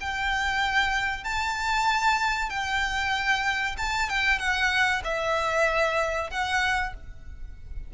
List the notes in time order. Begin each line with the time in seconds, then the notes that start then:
0.00 G5
1.23 A5
2.49 G5
3.77 A5
4.09 G5
4.38 F#5
5.04 E5
6.30 F#5